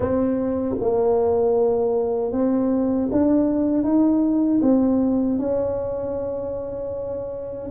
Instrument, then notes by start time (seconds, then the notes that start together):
tuba
0.00 C4
0.80 A#3
2.31 C4
3.11 D4
3.83 D#4
4.62 C4
5.38 C#4